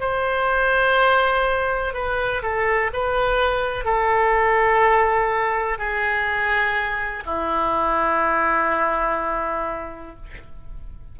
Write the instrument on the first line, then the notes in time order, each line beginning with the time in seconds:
oboe
0.00 C5
1.94 B4
2.42 A4
2.93 B4
3.85 A4
5.78 G#4
7.26 E4